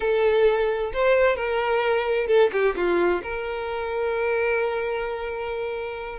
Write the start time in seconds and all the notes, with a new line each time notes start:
0.00 A4
0.93 C5
1.36 A#4
2.27 A4
2.52 G4
2.76 F4
3.22 A#4